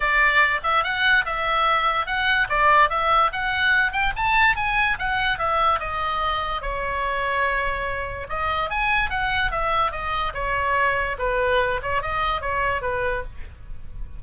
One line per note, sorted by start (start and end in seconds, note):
0.00 0.60 D5
0.63 0.83 E5
0.83 1.25 F#5
1.25 2.06 E5
2.06 2.47 F#5
2.49 2.89 D5
2.89 3.31 E5
3.32 3.92 F#5
3.92 4.12 G5
4.15 4.56 A5
4.56 4.97 G#5
4.98 5.38 F#5
5.38 5.79 E5
5.79 6.61 D#5
6.61 8.27 C#5
8.29 8.70 D#5
8.70 9.09 G#5
9.09 9.51 F#5
9.51 9.91 E5
9.91 10.33 D#5
10.34 11.16 C#5
11.18 11.80 B4
11.82 12.02 C#5
12.02 12.41 D#5
12.41 12.81 C#5
12.81 13.23 B4